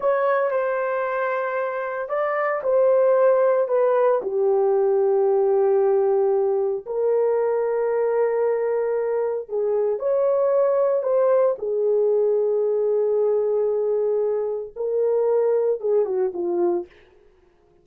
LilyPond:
\new Staff \with { instrumentName = "horn" } { \time 4/4 \tempo 4 = 114 cis''4 c''2. | d''4 c''2 b'4 | g'1~ | g'4 ais'2.~ |
ais'2 gis'4 cis''4~ | cis''4 c''4 gis'2~ | gis'1 | ais'2 gis'8 fis'8 f'4 | }